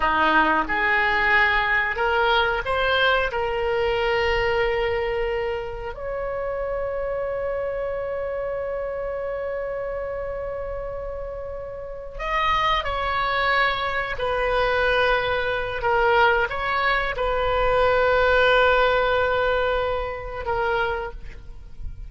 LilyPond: \new Staff \with { instrumentName = "oboe" } { \time 4/4 \tempo 4 = 91 dis'4 gis'2 ais'4 | c''4 ais'2.~ | ais'4 cis''2.~ | cis''1~ |
cis''2~ cis''8 dis''4 cis''8~ | cis''4. b'2~ b'8 | ais'4 cis''4 b'2~ | b'2. ais'4 | }